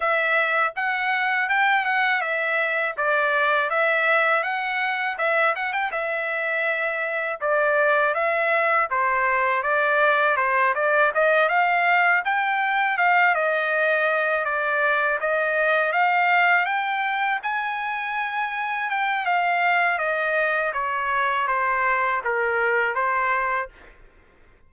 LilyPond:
\new Staff \with { instrumentName = "trumpet" } { \time 4/4 \tempo 4 = 81 e''4 fis''4 g''8 fis''8 e''4 | d''4 e''4 fis''4 e''8 fis''16 g''16 | e''2 d''4 e''4 | c''4 d''4 c''8 d''8 dis''8 f''8~ |
f''8 g''4 f''8 dis''4. d''8~ | d''8 dis''4 f''4 g''4 gis''8~ | gis''4. g''8 f''4 dis''4 | cis''4 c''4 ais'4 c''4 | }